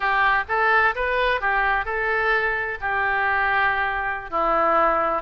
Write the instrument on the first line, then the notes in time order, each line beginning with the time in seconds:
oboe
0.00 G4
0.48 A4
0.95 B4
1.41 G4
1.85 A4
2.80 G4
4.30 E4